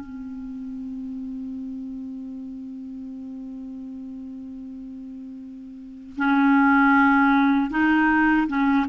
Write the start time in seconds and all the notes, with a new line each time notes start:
0.00 C4
6.17 C#4
7.70 D#4
8.48 C#4